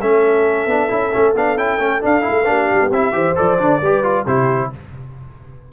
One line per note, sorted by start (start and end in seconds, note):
0.00 0.66 A3
0.00 0.69 C#4
0.00 2.46 A4
0.00 1.35 E5
0.66 0.89 B3
0.66 0.89 D4
0.89 1.14 C#4
0.89 1.12 E4
1.13 1.35 A3
1.13 1.36 C#4
1.35 1.57 B3
1.35 1.58 D4
1.35 1.58 F5
1.57 1.79 C#4
1.57 1.79 E4
1.57 2.03 G5
1.79 2.02 A3
1.79 2.01 C#4
2.01 2.22 D4
2.01 2.27 D4
2.01 2.92 F5
2.22 2.44 E4
2.29 2.48 A3
2.46 2.71 A#3
2.46 2.90 D4
2.46 3.14 G4
2.74 2.81 G3
2.81 2.91 B3
2.91 3.13 C4
2.91 3.13 E4
2.91 3.37 E5
3.13 3.36 E3
3.13 3.35 G4
3.13 3.81 C5
3.36 3.61 F3
3.36 3.58 A4
3.36 4.27 D5
3.59 3.81 D3
3.59 3.81 D4
3.81 4.26 G3
3.81 4.03 G4
3.81 4.26 B4
4.03 4.26 F4
4.26 4.72 C3
4.26 4.73 E4
4.26 4.70 G4
4.26 4.72 C5